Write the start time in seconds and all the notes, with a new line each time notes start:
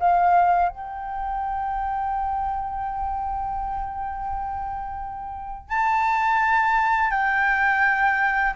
0.00 F5
0.69 G5
5.69 A5
7.11 G5